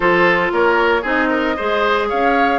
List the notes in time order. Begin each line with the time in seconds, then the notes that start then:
0.00 F3 F4 A4 C5
0.51 A#3 A#4 C#5
1.01 C4 D#4 G#4 D#5
1.29 A#4
1.56 G#3 G#4 C5
2.08 C#4 C#5 F5